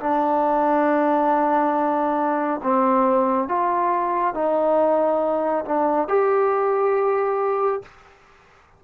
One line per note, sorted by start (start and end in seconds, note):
0.00 2.61 D4
2.63 3.49 C4
3.49 4.34 F4
4.34 5.65 D#4
5.65 6.08 D4
6.08 7.82 G4